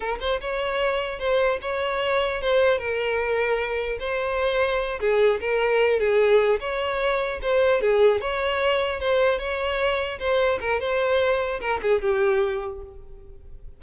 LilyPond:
\new Staff \with { instrumentName = "violin" } { \time 4/4 \tempo 4 = 150 ais'8 c''8 cis''2 c''4 | cis''2 c''4 ais'4~ | ais'2 c''2~ | c''8 gis'4 ais'4. gis'4~ |
gis'8 cis''2 c''4 gis'8~ | gis'8 cis''2 c''4 cis''8~ | cis''4. c''4 ais'8 c''4~ | c''4 ais'8 gis'8 g'2 | }